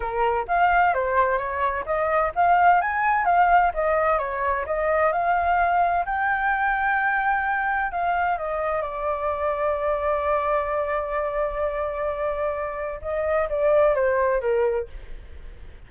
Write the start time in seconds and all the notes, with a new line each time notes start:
0.00 A#4
0.47 F5
0.94 C5
1.37 C#5
1.85 D#5
2.35 F5
2.81 G#5
3.25 F5
3.74 D#5
4.18 C#5
4.66 D#5
5.12 F5
6.05 G5
7.91 F5
8.37 D#5
8.81 D5
13.01 D#5
13.49 D5
13.94 C5
14.41 A#4